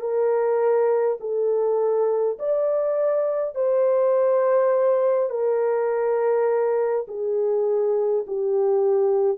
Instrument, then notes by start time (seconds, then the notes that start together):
horn
0.00 A#4
1.20 A4
2.39 D5
3.55 C5
5.30 A#4
7.07 G#4
8.27 G4